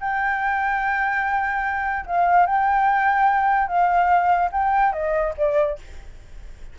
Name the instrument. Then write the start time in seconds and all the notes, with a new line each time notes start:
flute
0.00 G5
2.06 F5
2.46 G5
3.68 F5
4.52 G5
4.93 D#5
5.37 D5